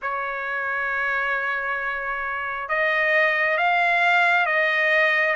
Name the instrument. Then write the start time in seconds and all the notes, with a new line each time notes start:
trumpet
0.02 C#5
2.69 D#5
3.57 F5
4.45 D#5